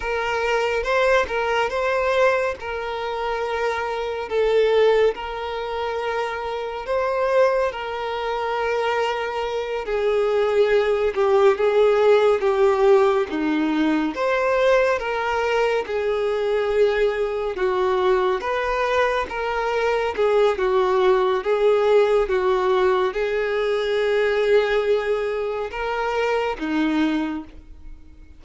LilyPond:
\new Staff \with { instrumentName = "violin" } { \time 4/4 \tempo 4 = 70 ais'4 c''8 ais'8 c''4 ais'4~ | ais'4 a'4 ais'2 | c''4 ais'2~ ais'8 gis'8~ | gis'4 g'8 gis'4 g'4 dis'8~ |
dis'8 c''4 ais'4 gis'4.~ | gis'8 fis'4 b'4 ais'4 gis'8 | fis'4 gis'4 fis'4 gis'4~ | gis'2 ais'4 dis'4 | }